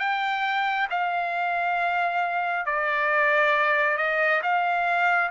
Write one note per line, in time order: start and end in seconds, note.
0.00 0.88 G5
0.91 2.66 F5
2.66 3.98 D5
3.98 4.42 D#5
4.43 5.31 F5